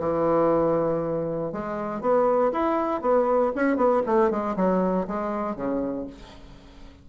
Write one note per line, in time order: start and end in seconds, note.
0.00 1.52 E3
1.52 2.01 G#3
2.01 2.52 B3
2.52 3.01 E4
3.01 3.52 B3
3.55 3.77 C#4
3.77 4.02 B3
4.06 4.31 A3
4.31 4.56 G#3
4.56 5.07 F#3
5.07 5.56 G#3
5.56 6.07 C#3